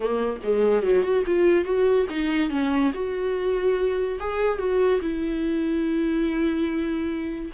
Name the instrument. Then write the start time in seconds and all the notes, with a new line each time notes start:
viola
0.00 A#3
0.43 G#3
0.82 F#3
1.02 F#4
1.26 F4
1.65 F#4
2.09 D#4
2.49 C#4
2.94 F#4
4.19 G#4
4.58 F#4
5.01 E4